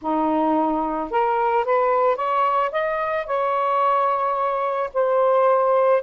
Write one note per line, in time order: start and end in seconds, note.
0.01 1.10 D#4
1.10 1.64 A#4
1.64 2.16 B4
2.16 2.70 C#5
2.71 3.26 D#5
3.26 4.90 C#5
4.93 6.02 C5